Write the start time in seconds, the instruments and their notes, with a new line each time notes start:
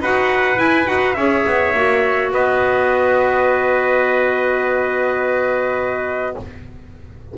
0.00 double bass D#4, clarinet F#4, trumpet B4 F#5
0.55 clarinet E4, double bass E4, trumpet G#5
0.86 double bass D#4, clarinet F#4, trumpet F#5
1.14 double bass C#4, clarinet G#4, trumpet C#5 E5
1.46 double bass B3
1.74 double bass A#3, clarinet F#4
2.31 double bass B3, trumpet B4 D#5